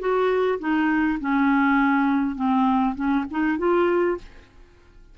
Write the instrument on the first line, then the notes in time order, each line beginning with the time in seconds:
clarinet
0.00 F#4
0.60 D#4
1.20 C#4
2.36 C4
2.95 C#4
3.31 D#4
3.59 F4